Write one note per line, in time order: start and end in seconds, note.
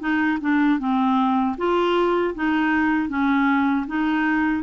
0.00 0.38 D#4
0.41 0.79 D4
0.79 1.56 C4
1.57 2.34 F4
2.35 3.09 D#4
3.09 3.86 C#4
3.87 4.63 D#4